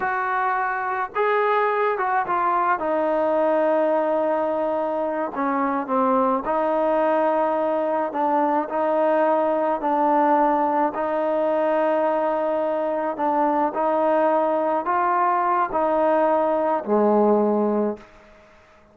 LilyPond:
\new Staff \with { instrumentName = "trombone" } { \time 4/4 \tempo 4 = 107 fis'2 gis'4. fis'8 | f'4 dis'2.~ | dis'4. cis'4 c'4 dis'8~ | dis'2~ dis'8 d'4 dis'8~ |
dis'4. d'2 dis'8~ | dis'2.~ dis'8 d'8~ | d'8 dis'2 f'4. | dis'2 gis2 | }